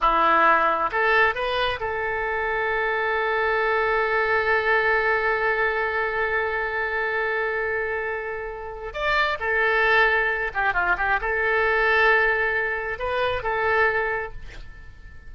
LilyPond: \new Staff \with { instrumentName = "oboe" } { \time 4/4 \tempo 4 = 134 e'2 a'4 b'4 | a'1~ | a'1~ | a'1~ |
a'1 | d''4 a'2~ a'8 g'8 | f'8 g'8 a'2.~ | a'4 b'4 a'2 | }